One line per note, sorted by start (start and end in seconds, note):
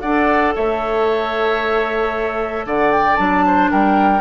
0.00 0.55 D4
0.00 3.17 A4
0.00 0.54 D5
0.00 0.53 F#5
0.55 2.65 A3
0.55 2.66 C#5
0.55 2.66 E5
2.65 3.18 D3
2.65 3.45 D5
2.65 2.91 F#5
2.91 3.16 G5
3.16 3.71 F#3
3.16 4.20 D4
3.16 3.68 A5
3.46 3.71 C5
3.71 4.20 G3
3.71 4.20 A#4
3.71 4.20 G5